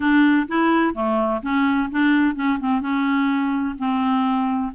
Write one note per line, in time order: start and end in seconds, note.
0.00 0.47 D4
0.48 0.94 E4
0.94 1.41 A3
1.42 1.89 C#4
1.91 2.35 D4
2.35 2.59 C#4
2.59 2.81 C4
2.81 3.75 C#4
3.78 4.72 C4